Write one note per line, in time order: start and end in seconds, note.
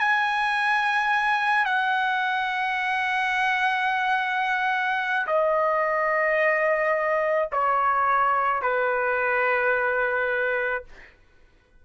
0.00 1.66 G#5
1.66 5.27 F#5
5.27 7.49 D#5
7.53 8.63 C#5
8.63 10.85 B4